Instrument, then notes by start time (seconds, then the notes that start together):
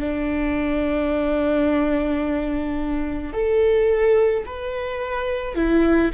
viola
0.00 D4
3.33 A4
4.46 B4
5.55 E4